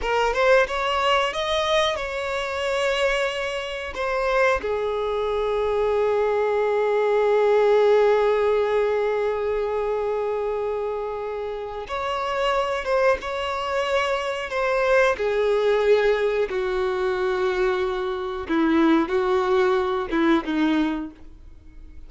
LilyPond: \new Staff \with { instrumentName = "violin" } { \time 4/4 \tempo 4 = 91 ais'8 c''8 cis''4 dis''4 cis''4~ | cis''2 c''4 gis'4~ | gis'1~ | gis'1~ |
gis'2 cis''4. c''8 | cis''2 c''4 gis'4~ | gis'4 fis'2. | e'4 fis'4. e'8 dis'4 | }